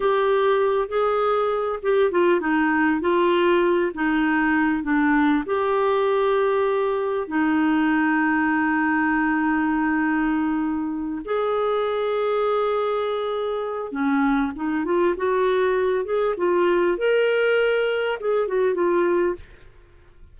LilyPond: \new Staff \with { instrumentName = "clarinet" } { \time 4/4 \tempo 4 = 99 g'4. gis'4. g'8 f'8 | dis'4 f'4. dis'4. | d'4 g'2. | dis'1~ |
dis'2~ dis'8 gis'4.~ | gis'2. cis'4 | dis'8 f'8 fis'4. gis'8 f'4 | ais'2 gis'8 fis'8 f'4 | }